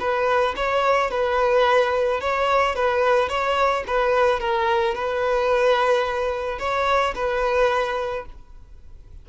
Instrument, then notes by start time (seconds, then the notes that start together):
violin
0.00 B4
0.57 C#5
1.11 B4
2.21 C#5
2.76 B4
3.29 C#5
3.87 B4
4.40 A#4
4.95 B4
6.60 C#5
7.15 B4